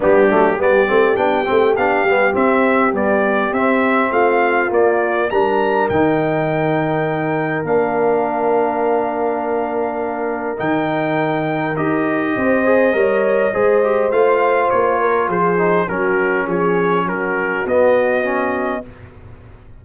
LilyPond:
<<
  \new Staff \with { instrumentName = "trumpet" } { \time 4/4 \tempo 4 = 102 g'4 d''4 g''4 f''4 | e''4 d''4 e''4 f''4 | d''4 ais''4 g''2~ | g''4 f''2.~ |
f''2 g''2 | dis''1 | f''4 cis''4 c''4 ais'4 | cis''4 ais'4 dis''2 | }
  \new Staff \with { instrumentName = "horn" } { \time 4/4 d'4 g'2.~ | g'2. f'4~ | f'4 ais'2.~ | ais'1~ |
ais'1~ | ais'4 c''4 cis''4 c''4~ | c''4. ais'8 gis'4 fis'4 | gis'4 fis'2. | }
  \new Staff \with { instrumentName = "trombone" } { \time 4/4 b8 a8 b8 c'8 d'8 c'8 d'8 b8 | c'4 g4 c'2 | ais4 d'4 dis'2~ | dis'4 d'2.~ |
d'2 dis'2 | g'4. gis'8 ais'4 gis'8 g'8 | f'2~ f'8 dis'8 cis'4~ | cis'2 b4 cis'4 | }
  \new Staff \with { instrumentName = "tuba" } { \time 4/4 g8 fis8 g8 a8 b8 a8 b8 g8 | c'4 b4 c'4 a4 | ais4 g4 dis2~ | dis4 ais2.~ |
ais2 dis2 | dis'4 c'4 g4 gis4 | a4 ais4 f4 fis4 | f4 fis4 b2 | }
>>